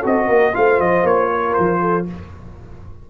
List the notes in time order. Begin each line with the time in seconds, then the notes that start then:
0.00 C4 F#4 A4
0.06 D#5
0.27 A#3 A#4
0.53 A3 F4 C5 F5
0.79 F3 D#5
1.03 A#3 C#5
1.31 A#4
1.54 F3 C5
1.81 A4